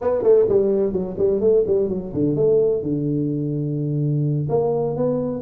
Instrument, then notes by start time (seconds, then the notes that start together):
tuba
0.01 B3
0.22 A3
0.49 G3
0.92 F#3
1.17 G3
1.40 A3
1.66 G3
1.89 F#3
2.13 D3
2.35 A3
2.82 D3
4.49 A#3
4.96 B3